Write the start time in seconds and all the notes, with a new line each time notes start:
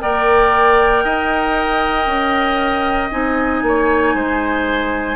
0.00 A#3 A#4 D5 G5
1.04 D#4 D#5
2.07 C#4
3.11 C4 D#4 G#5
3.62 A#3 C#5
4.14 G#3 C5